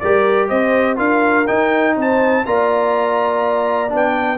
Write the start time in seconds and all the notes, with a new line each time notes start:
0.00 G3 G4 A#4 D5
0.49 C4 C5 D#5
0.96 D4 F4 A#4 F5
1.48 D#4 G5
1.96 C4 C5 A5
2.46 A#3 F4 D5 A#5
3.89 B3 D4
3.96 G5